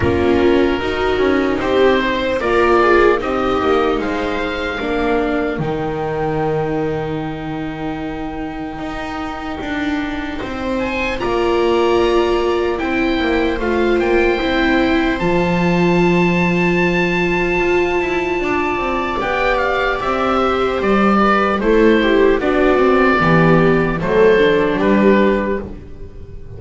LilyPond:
<<
  \new Staff \with { instrumentName = "oboe" } { \time 4/4 \tempo 4 = 75 ais'2 c''4 d''4 | dis''4 f''2 g''4~ | g''1~ | g''4. gis''8 ais''2 |
g''4 f''8 g''4. a''4~ | a''1 | g''8 f''8 e''4 d''4 c''4 | d''2 c''4 b'4 | }
  \new Staff \with { instrumentName = "viola" } { \time 4/4 f'4 fis'4 g'8 c''8 ais'8 gis'8 | g'4 c''4 ais'2~ | ais'1~ | ais'4 c''4 d''2 |
c''1~ | c''2. d''4~ | d''4. c''4 b'8 a'8 g'8 | fis'4 g'4 a'4 g'4 | }
  \new Staff \with { instrumentName = "viola" } { \time 4/4 cis'4 dis'2 f'4 | dis'2 d'4 dis'4~ | dis'1~ | dis'2 f'2 |
e'4 f'4 e'4 f'4~ | f'1 | g'2. e'4 | d'8 c'8 b4 a8 d'4. | }
  \new Staff \with { instrumentName = "double bass" } { \time 4/4 ais4 dis'8 cis'8 c'4 ais4 | c'8 ais8 gis4 ais4 dis4~ | dis2. dis'4 | d'4 c'4 ais2 |
c'8 ais8 a8 ais8 c'4 f4~ | f2 f'8 e'8 d'8 c'8 | b4 c'4 g4 a4 | b4 e4 fis4 g4 | }
>>